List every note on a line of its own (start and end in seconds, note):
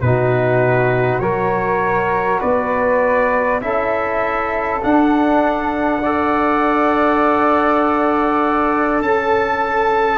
0.00 1.20 B2
0.00 1.22 D#4
0.00 1.22 F#4
0.00 1.19 B4
1.19 2.40 F#3
1.19 3.61 F#4
1.19 2.39 A#4
1.19 2.39 C#5
2.39 3.60 B3
2.39 3.59 B4
2.39 3.60 D5
3.60 4.80 C#4
3.60 4.81 E4
3.60 6.02 A4
3.60 4.81 E5
4.82 6.02 D4
4.82 9.01 D4
4.82 9.02 F#5
6.02 10.18 A4
6.02 9.02 D5
9.01 10.18 C#4
9.01 10.18 A4
9.01 10.18 A5